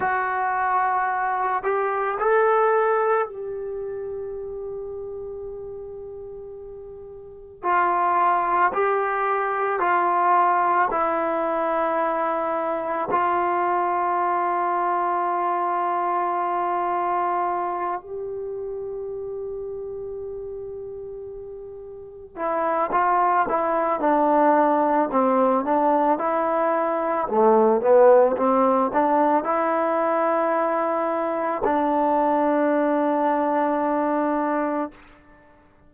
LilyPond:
\new Staff \with { instrumentName = "trombone" } { \time 4/4 \tempo 4 = 55 fis'4. g'8 a'4 g'4~ | g'2. f'4 | g'4 f'4 e'2 | f'1~ |
f'8 g'2.~ g'8~ | g'8 e'8 f'8 e'8 d'4 c'8 d'8 | e'4 a8 b8 c'8 d'8 e'4~ | e'4 d'2. | }